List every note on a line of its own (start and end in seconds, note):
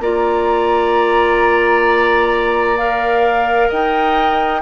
0.00 3.69 A#3
0.00 2.77 F4
0.00 3.69 D5
0.00 2.78 A#5
2.77 4.61 A#4
2.77 3.70 F5
3.69 4.62 D#4
3.69 4.61 D#5
3.69 4.62 G5